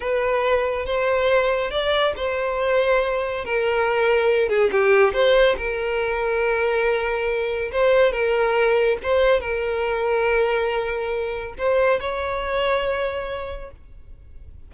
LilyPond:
\new Staff \with { instrumentName = "violin" } { \time 4/4 \tempo 4 = 140 b'2 c''2 | d''4 c''2. | ais'2~ ais'8 gis'8 g'4 | c''4 ais'2.~ |
ais'2 c''4 ais'4~ | ais'4 c''4 ais'2~ | ais'2. c''4 | cis''1 | }